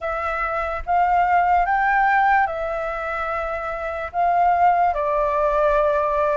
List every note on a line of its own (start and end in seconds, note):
0.00 0.83 E5
0.86 1.65 F5
1.65 2.46 G5
2.46 4.11 E5
4.12 4.94 F5
4.94 6.36 D5